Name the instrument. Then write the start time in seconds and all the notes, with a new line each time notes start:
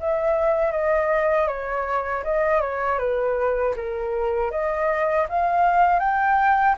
flute
0.00 E5
0.72 D#5
1.48 C#5
2.24 D#5
2.61 C#5
2.99 B4
3.77 A#4
4.52 D#5
5.30 F5
6.00 G5